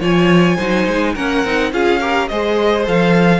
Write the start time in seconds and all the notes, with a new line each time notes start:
0.00 F3 F4 C#5 G#5
0.56 F#3 D#4 C5
0.87 G#3
1.14 A#3 C#4 A#4 F#5
1.44 C4 D#4
1.72 C#4 F4 G#4 F5
1.99 G4 A#4
2.28 G#3 G#4 C5 D#5
2.83 F3 A4 F5